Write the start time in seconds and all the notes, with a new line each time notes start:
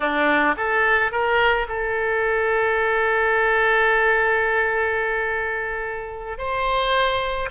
0.00 D4
0.57 A4
1.11 A#4
1.68 A4
6.38 C5